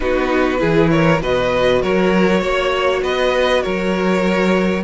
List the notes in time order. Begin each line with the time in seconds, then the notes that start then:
0.00 B3 D#4 F#4 B4
0.58 E3 E4 G#4
0.90 A#4 C#5
1.21 B2 F#4 B4 D#5
1.82 F#3 A#4 C#5
2.40 A#3 C#5
3.02 B3 B4 D#5
3.62 F#3 A#4 C#5